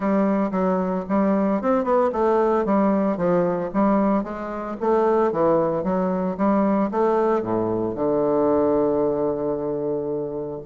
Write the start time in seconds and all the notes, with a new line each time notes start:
0.00 G3
0.51 F#3
1.08 G3
1.61 C4
1.83 B3
2.12 A3
2.65 G3
3.17 F3
3.73 G3
4.23 G#3
4.80 A3
5.32 E3
5.83 F#3
6.37 G3
6.91 A3
7.42 A2
7.95 D3